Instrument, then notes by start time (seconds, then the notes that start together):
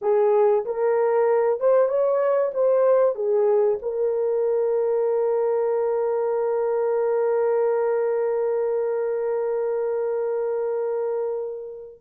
horn
0.01 G#4
0.65 A#4
1.60 C5
1.88 C#5
2.54 C5
3.15 G#4
3.82 A#4